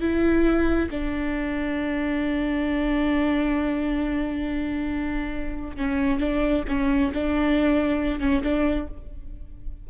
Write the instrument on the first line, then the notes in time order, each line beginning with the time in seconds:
viola
0.00 E4
0.90 D4
5.76 C#4
6.19 D4
6.68 C#4
7.13 D4
8.20 C#4
8.42 D4